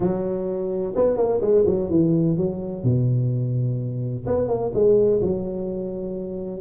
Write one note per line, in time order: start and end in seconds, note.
0.00 0.94 F#3
0.95 1.16 B3
1.16 1.40 A#3
1.41 1.64 G#3
1.66 1.89 F#3
1.89 2.37 E3
2.37 2.83 F#3
2.83 4.25 B2
4.26 4.48 B3
4.48 4.71 A#3
4.74 5.21 G#3
5.21 6.60 F#3